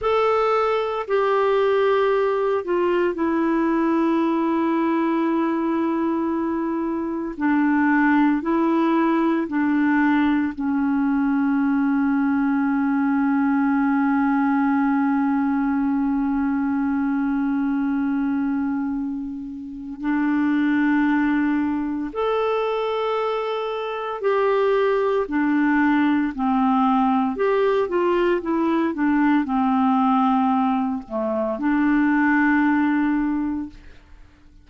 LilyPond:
\new Staff \with { instrumentName = "clarinet" } { \time 4/4 \tempo 4 = 57 a'4 g'4. f'8 e'4~ | e'2. d'4 | e'4 d'4 cis'2~ | cis'1~ |
cis'2. d'4~ | d'4 a'2 g'4 | d'4 c'4 g'8 f'8 e'8 d'8 | c'4. a8 d'2 | }